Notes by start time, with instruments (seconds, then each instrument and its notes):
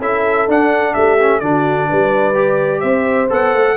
0.00 tuba C#4, trombone E4, horn A4, trumpet E5
0.48 tuba D4, trombone D4, trumpet F#5
0.94 tuba A3, horn G4, trumpet E5
1.19 trombone C#4
1.40 tuba D3, trombone D4, horn F#4, trumpet D5
1.89 tuba G3, horn B4
2.35 trombone G4
2.81 tuba C4, horn C5, trumpet E5
3.30 tuba B3, trombone A4, trumpet F#5
3.55 tuba A3